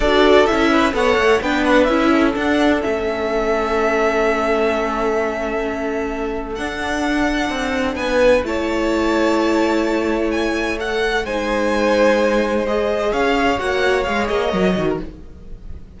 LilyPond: <<
  \new Staff \with { instrumentName = "violin" } { \time 4/4 \tempo 4 = 128 d''4 e''4 fis''4 g''8 fis''8 | e''4 fis''4 e''2~ | e''1~ | e''2 fis''2~ |
fis''4 gis''4 a''2~ | a''2 gis''4 fis''4 | gis''2. dis''4 | f''4 fis''4 f''8 dis''4. | }
  \new Staff \with { instrumentName = "violin" } { \time 4/4 a'4. b'8 cis''4 b'4~ | b'8 a'2.~ a'8~ | a'1~ | a'1~ |
a'4 b'4 cis''2~ | cis''1 | c''1 | cis''2.~ cis''8. ais'16 | }
  \new Staff \with { instrumentName = "viola" } { \time 4/4 fis'4 e'4 a'4 d'4 | e'4 d'4 cis'2~ | cis'1~ | cis'2 d'2~ |
d'2 e'2~ | e'2. a'4 | dis'2. gis'4~ | gis'4 fis'4 gis'4 ais'8 fis'8 | }
  \new Staff \with { instrumentName = "cello" } { \time 4/4 d'4 cis'4 b8 a8 b4 | cis'4 d'4 a2~ | a1~ | a2 d'2 |
c'4 b4 a2~ | a1 | gis1 | cis'4 ais4 gis8 ais8 fis8 dis8 | }
>>